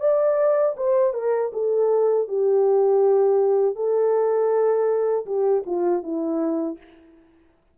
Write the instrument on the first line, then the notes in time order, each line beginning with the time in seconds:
horn
0.00 D5
0.77 C5
1.14 A#4
1.53 A4
2.28 G4
3.76 A4
5.26 G4
5.66 F4
6.03 E4